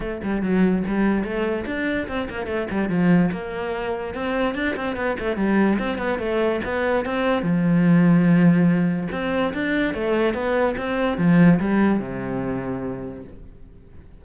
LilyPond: \new Staff \with { instrumentName = "cello" } { \time 4/4 \tempo 4 = 145 a8 g8 fis4 g4 a4 | d'4 c'8 ais8 a8 g8 f4 | ais2 c'4 d'8 c'8 | b8 a8 g4 c'8 b8 a4 |
b4 c'4 f2~ | f2 c'4 d'4 | a4 b4 c'4 f4 | g4 c2. | }